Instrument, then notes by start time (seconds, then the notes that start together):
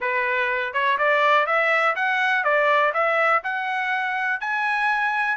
trumpet
0.00 B4
0.73 C#5
0.98 D5
1.46 E5
1.95 F#5
2.44 D5
2.93 E5
3.43 F#5
4.40 G#5